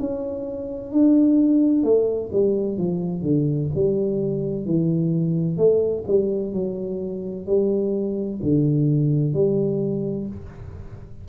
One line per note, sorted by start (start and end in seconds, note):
0.00 0.92 C#4
0.92 1.83 D4
1.83 2.30 A3
2.33 2.78 G3
2.78 3.23 F3
3.23 3.69 D3
3.75 4.66 G3
4.66 5.57 E3
5.57 6.04 A3
6.08 6.53 G3
6.53 7.47 F#3
7.47 8.40 G3
8.42 9.34 D3
9.34 10.27 G3